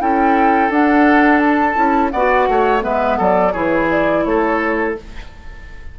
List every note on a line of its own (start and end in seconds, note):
0.00 0.70 C#4
0.00 0.71 E4
0.00 2.13 A4
0.00 0.72 G5
0.70 1.76 D4
0.70 1.75 D4
0.70 1.39 F#5
1.39 2.09 A5
1.75 2.12 C#4
1.75 2.11 E4
2.11 2.49 B3
2.11 2.80 F#4
2.11 2.48 D5
2.11 2.82 F#5
2.49 2.84 A3
2.49 2.84 C#5
2.80 3.19 G#3
2.80 3.50 B3
2.80 3.18 B4
2.80 3.19 E5
3.18 3.55 F#3
3.18 3.53 A4
3.18 3.53 D5
3.53 4.26 E3
3.53 4.96 E4
3.53 4.23 G#4
3.53 3.88 C#5
3.91 4.25 D5
4.25 4.96 A3
4.25 5.00 A4
4.25 4.95 C#5